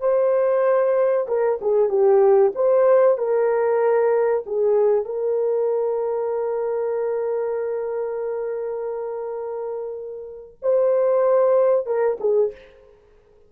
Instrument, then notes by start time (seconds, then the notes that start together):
horn
0.00 C5
1.27 A#4
1.61 G#4
1.89 G4
2.55 C5
3.18 A#4
4.46 G#4
5.05 A#4
10.62 C5
11.86 A#4
12.20 G#4